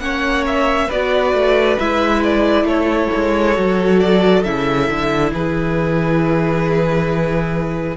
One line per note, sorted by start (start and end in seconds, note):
0.00 0.88 A#3
0.00 0.89 C#4
0.00 0.88 C#5
0.00 0.44 F#5
0.47 0.91 E5
0.88 1.34 B3
0.88 1.80 F#4
0.88 2.64 B4
0.88 1.79 D5
1.34 1.78 A3
1.79 2.64 G#3
1.79 3.56 E4
1.79 2.23 E5
2.24 2.68 D5
2.64 3.08 A3
2.64 5.31 A4
2.64 4.00 C#5
3.16 3.58 G#3
3.56 4.46 F#3
3.56 4.44 F#4
4.00 4.44 D5
4.44 4.90 C#3
4.44 7.97 E4
4.44 5.32 E5
4.90 5.33 D3
5.33 7.97 E3
5.33 7.97 G#4
5.33 7.97 B4